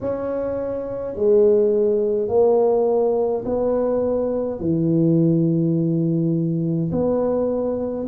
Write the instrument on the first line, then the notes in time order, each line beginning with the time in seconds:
tuba
0.00 C#4
1.15 G#3
2.28 A#3
3.45 B3
4.59 E3
6.91 B3